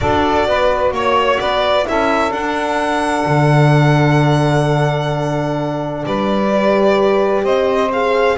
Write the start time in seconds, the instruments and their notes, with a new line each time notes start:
0.00 double bass D4, horn F#4, saxophone A4, violin D5
0.47 double bass B3, saxophone B4
0.91 double bass A#3, saxophone C#5, violin C#5
1.40 double bass B3, saxophone B4, violin D5
1.83 double bass C#4, horn E4, saxophone A4, violin E5
2.31 double bass D4, horn D4, violin F#5
3.25 double bass D3
6.05 double bass G3, saxophone B4, violin D5
6.51 horn G4
7.43 double bass C4, saxophone C5, violin D#5
7.92 horn G#4, violin F5